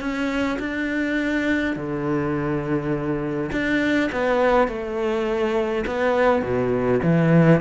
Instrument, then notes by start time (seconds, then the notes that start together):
cello
0.00 C#4
0.60 D4
1.76 D3
3.52 D4
4.12 B3
4.68 A3
5.86 B3
6.42 B2
7.03 E3